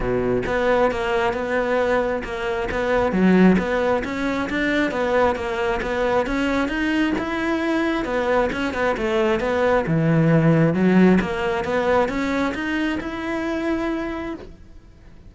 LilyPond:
\new Staff \with { instrumentName = "cello" } { \time 4/4 \tempo 4 = 134 b,4 b4 ais4 b4~ | b4 ais4 b4 fis4 | b4 cis'4 d'4 b4 | ais4 b4 cis'4 dis'4 |
e'2 b4 cis'8 b8 | a4 b4 e2 | fis4 ais4 b4 cis'4 | dis'4 e'2. | }